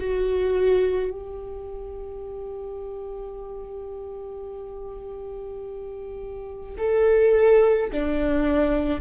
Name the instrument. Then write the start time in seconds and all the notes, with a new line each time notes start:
viola
0.00 F#4
1.11 G4
6.78 A4
7.92 D4